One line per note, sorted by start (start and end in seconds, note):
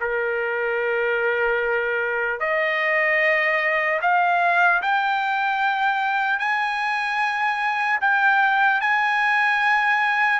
0.00 2.40 A#4
2.40 4.00 D#5
4.01 4.81 F5
4.81 6.39 G5
6.39 7.99 G#5
8.00 8.80 G5
8.80 10.39 G#5